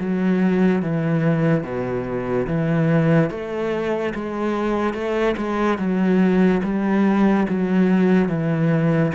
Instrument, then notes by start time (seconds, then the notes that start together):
cello
0.00 F#3
0.82 E3
1.64 B2
2.47 E3
3.30 A3
4.15 G#3
4.94 A3
5.37 G#3
5.78 F#3
6.64 G3
7.49 F#3
8.29 E3